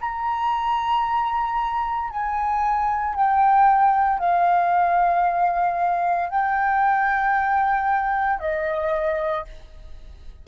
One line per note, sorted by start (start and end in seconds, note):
0.00 2.10 A#5
2.10 3.14 G#5
3.14 4.19 G5
4.19 6.29 F5
6.29 8.39 G5
8.39 9.44 D#5